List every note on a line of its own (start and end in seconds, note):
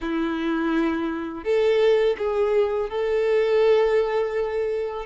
0.00 1.44 E4
1.44 2.16 A4
2.18 2.89 G#4
2.89 5.05 A4